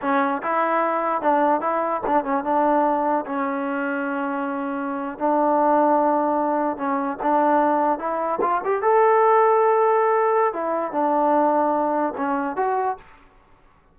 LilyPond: \new Staff \with { instrumentName = "trombone" } { \time 4/4 \tempo 4 = 148 cis'4 e'2 d'4 | e'4 d'8 cis'8 d'2 | cis'1~ | cis'8. d'2.~ d'16~ |
d'8. cis'4 d'2 e'16~ | e'8. f'8 g'8 a'2~ a'16~ | a'2 e'4 d'4~ | d'2 cis'4 fis'4 | }